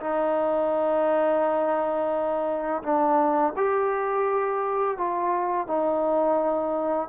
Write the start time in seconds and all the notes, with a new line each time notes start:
0.00 D#4
2.83 D4
3.56 G4
4.97 F4
5.67 D#4